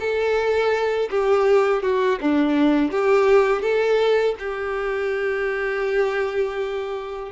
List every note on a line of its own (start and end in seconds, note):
0.00 1.10 A4
1.10 1.83 G4
1.83 2.19 F#4
2.21 2.92 D4
2.92 3.62 G4
3.62 4.35 A4
4.39 7.32 G4